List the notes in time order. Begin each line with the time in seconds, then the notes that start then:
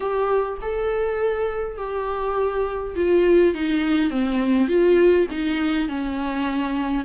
0.00 G4
0.61 A4
1.77 G4
2.95 F4
3.54 D#4
4.10 C4
4.68 F4
5.30 D#4
5.88 C#4